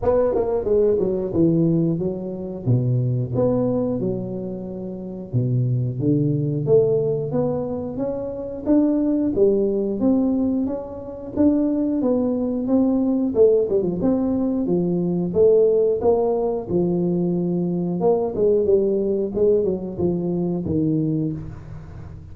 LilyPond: \new Staff \with { instrumentName = "tuba" } { \time 4/4 \tempo 4 = 90 b8 ais8 gis8 fis8 e4 fis4 | b,4 b4 fis2 | b,4 d4 a4 b4 | cis'4 d'4 g4 c'4 |
cis'4 d'4 b4 c'4 | a8 g16 f16 c'4 f4 a4 | ais4 f2 ais8 gis8 | g4 gis8 fis8 f4 dis4 | }